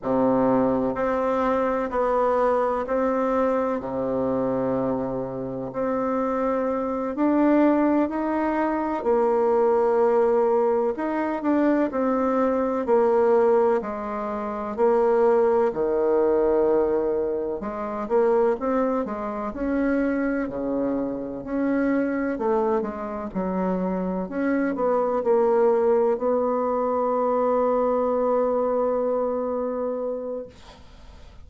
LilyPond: \new Staff \with { instrumentName = "bassoon" } { \time 4/4 \tempo 4 = 63 c4 c'4 b4 c'4 | c2 c'4. d'8~ | d'8 dis'4 ais2 dis'8 | d'8 c'4 ais4 gis4 ais8~ |
ais8 dis2 gis8 ais8 c'8 | gis8 cis'4 cis4 cis'4 a8 | gis8 fis4 cis'8 b8 ais4 b8~ | b1 | }